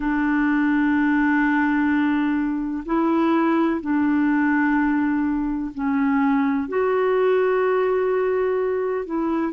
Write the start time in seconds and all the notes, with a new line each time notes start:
0.00 D4
2.85 E4
3.81 D4
5.74 C#4
6.68 F#4
9.05 E4